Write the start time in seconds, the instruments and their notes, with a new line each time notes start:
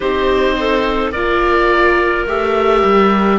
0.00 cello C4, viola D#4, clarinet G4, oboe C5
0.58 clarinet A4
1.12 cello A#3, viola F4, clarinet A#4, oboe D5
2.26 cello A3, viola G4, oboe E5
2.83 cello G3